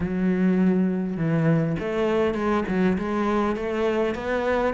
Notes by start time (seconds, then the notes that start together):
0.00 F#3
1.17 E3
1.79 A3
2.34 G#3
2.68 F#3
2.97 G#3
3.56 A3
4.14 B3